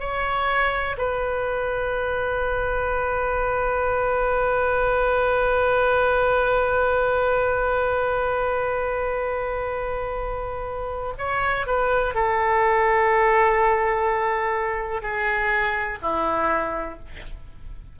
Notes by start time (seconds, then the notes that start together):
0.00 C#5
0.98 B4
11.19 C#5
11.67 B4
12.15 A4
15.02 G#4
16.02 E4